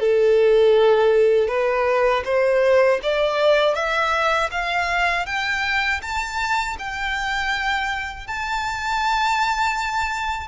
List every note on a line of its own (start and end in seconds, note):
0.00 1.48 A4
1.48 2.23 B4
2.25 3.00 C5
3.03 3.75 D5
3.75 4.50 E5
4.51 5.26 F5
5.26 6.01 G5
6.02 6.77 A5
6.79 8.27 G5
8.27 10.48 A5